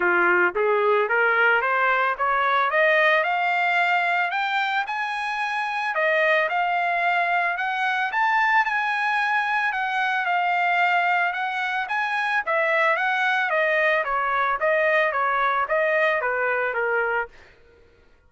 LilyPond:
\new Staff \with { instrumentName = "trumpet" } { \time 4/4 \tempo 4 = 111 f'4 gis'4 ais'4 c''4 | cis''4 dis''4 f''2 | g''4 gis''2 dis''4 | f''2 fis''4 a''4 |
gis''2 fis''4 f''4~ | f''4 fis''4 gis''4 e''4 | fis''4 dis''4 cis''4 dis''4 | cis''4 dis''4 b'4 ais'4 | }